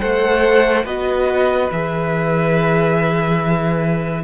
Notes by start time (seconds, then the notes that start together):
0.00 A3 A4 C5 F#5
0.84 B3 F#4 B4 D#5
1.71 E3 G#4 E5